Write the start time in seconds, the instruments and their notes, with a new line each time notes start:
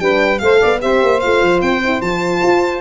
0.00 tuba G3, horn D4, saxophone B4, violin G5
0.38 tuba A3, horn A4, saxophone C5, violin F5
0.60 tuba B3, saxophone D5
0.81 tuba C4, horn G4, saxophone C5, violin E5
1.02 tuba A#3
1.20 tuba A3, horn F4, violin F5
1.42 tuba F3
1.61 tuba C4, violin G5
1.84 horn E4
2.01 tuba F3, horn F4, violin A5
2.42 tuba F4